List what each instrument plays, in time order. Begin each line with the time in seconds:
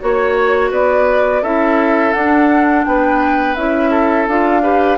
0.00 bassoon A#3, clarinet F#4, flute C#5, oboe C#5
0.71 bassoon B3, oboe B4, flute D5
1.42 bassoon C#4, clarinet E4, oboe A4, flute E5
2.13 bassoon D4, clarinet D4, flute F#5
2.85 bassoon B3, oboe B4, flute G5
3.56 bassoon C#4, clarinet E4, flute E5
3.91 oboe A4
4.28 bassoon D4, clarinet F4, flute F5
4.63 clarinet G4, oboe B4